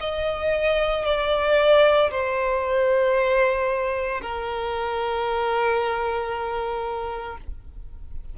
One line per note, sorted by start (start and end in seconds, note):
0.00 1.05 D#5
1.05 2.11 D5
2.11 4.21 C5
4.22 7.37 A#4